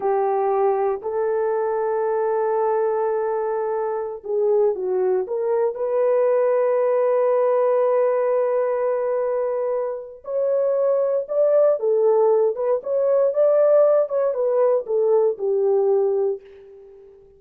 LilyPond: \new Staff \with { instrumentName = "horn" } { \time 4/4 \tempo 4 = 117 g'2 a'2~ | a'1~ | a'16 gis'4 fis'4 ais'4 b'8.~ | b'1~ |
b'1 | cis''2 d''4 a'4~ | a'8 b'8 cis''4 d''4. cis''8 | b'4 a'4 g'2 | }